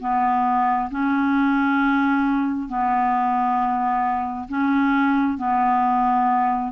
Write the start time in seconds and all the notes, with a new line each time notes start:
0.00 B3
0.90 C#4
2.68 B3
4.48 C#4
5.38 B3